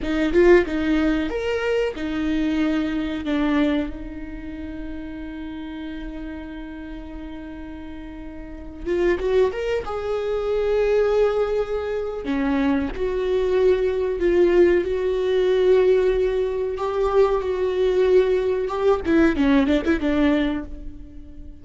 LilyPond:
\new Staff \with { instrumentName = "viola" } { \time 4/4 \tempo 4 = 93 dis'8 f'8 dis'4 ais'4 dis'4~ | dis'4 d'4 dis'2~ | dis'1~ | dis'4.~ dis'16 f'8 fis'8 ais'8 gis'8.~ |
gis'2. cis'4 | fis'2 f'4 fis'4~ | fis'2 g'4 fis'4~ | fis'4 g'8 e'8 cis'8 d'16 e'16 d'4 | }